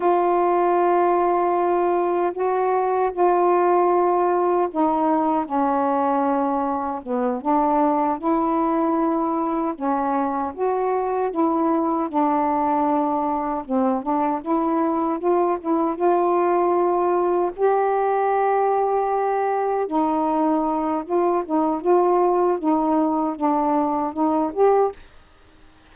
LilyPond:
\new Staff \with { instrumentName = "saxophone" } { \time 4/4 \tempo 4 = 77 f'2. fis'4 | f'2 dis'4 cis'4~ | cis'4 b8 d'4 e'4.~ | e'8 cis'4 fis'4 e'4 d'8~ |
d'4. c'8 d'8 e'4 f'8 | e'8 f'2 g'4.~ | g'4. dis'4. f'8 dis'8 | f'4 dis'4 d'4 dis'8 g'8 | }